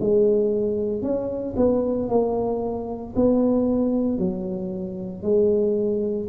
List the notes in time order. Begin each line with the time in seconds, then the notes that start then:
0.00 G#3
1.02 C#4
1.56 B3
2.09 A#3
3.16 B3
4.18 F#3
5.22 G#3